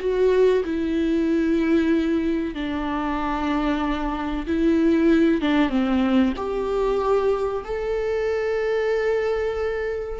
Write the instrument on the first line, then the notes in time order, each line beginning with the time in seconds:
viola
0.00 F#4
0.65 E4
2.55 D4
4.47 E4
5.42 D4
5.70 C4
6.37 G4
7.65 A4